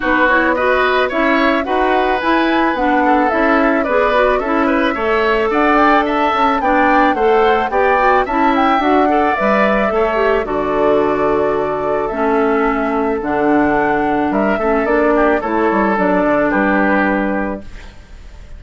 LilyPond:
<<
  \new Staff \with { instrumentName = "flute" } { \time 4/4 \tempo 4 = 109 b'8 cis''8 dis''4 e''4 fis''4 | gis''4 fis''4 e''4 d''4 | e''2 fis''8 g''8 a''4 | g''4 fis''4 g''4 a''8 g''8 |
fis''4 e''2 d''4~ | d''2 e''2 | fis''2 e''4 d''4 | cis''4 d''4 b'2 | }
  \new Staff \with { instrumentName = "oboe" } { \time 4/4 fis'4 b'4 cis''4 b'4~ | b'4. a'4. b'4 | a'8 b'8 cis''4 d''4 e''4 | d''4 c''4 d''4 e''4~ |
e''8 d''4. cis''4 a'4~ | a'1~ | a'2 ais'8 a'4 g'8 | a'2 g'2 | }
  \new Staff \with { instrumentName = "clarinet" } { \time 4/4 dis'8 e'8 fis'4 e'4 fis'4 | e'4 d'4 e'4 gis'8 fis'8 | e'4 a'2. | d'4 a'4 g'8 fis'8 e'4 |
fis'8 a'8 b'4 a'8 g'8 fis'4~ | fis'2 cis'2 | d'2~ d'8 cis'8 d'4 | e'4 d'2. | }
  \new Staff \with { instrumentName = "bassoon" } { \time 4/4 b2 cis'4 dis'4 | e'4 b4 cis'4 b4 | cis'4 a4 d'4. cis'8 | b4 a4 b4 cis'4 |
d'4 g4 a4 d4~ | d2 a2 | d2 g8 a8 ais4 | a8 g8 fis8 d8 g2 | }
>>